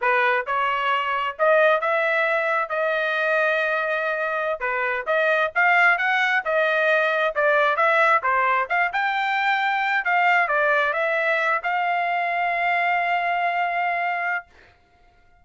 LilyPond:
\new Staff \with { instrumentName = "trumpet" } { \time 4/4 \tempo 4 = 133 b'4 cis''2 dis''4 | e''2 dis''2~ | dis''2~ dis''16 b'4 dis''8.~ | dis''16 f''4 fis''4 dis''4.~ dis''16~ |
dis''16 d''4 e''4 c''4 f''8 g''16~ | g''2~ g''16 f''4 d''8.~ | d''16 e''4. f''2~ f''16~ | f''1 | }